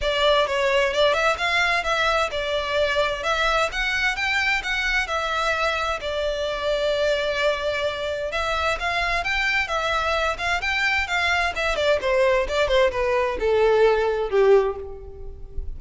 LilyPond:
\new Staff \with { instrumentName = "violin" } { \time 4/4 \tempo 4 = 130 d''4 cis''4 d''8 e''8 f''4 | e''4 d''2 e''4 | fis''4 g''4 fis''4 e''4~ | e''4 d''2.~ |
d''2 e''4 f''4 | g''4 e''4. f''8 g''4 | f''4 e''8 d''8 c''4 d''8 c''8 | b'4 a'2 g'4 | }